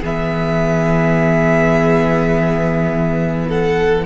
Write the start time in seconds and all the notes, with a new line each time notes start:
0.00 E3 B3 G#4 E5
3.49 A4 F#5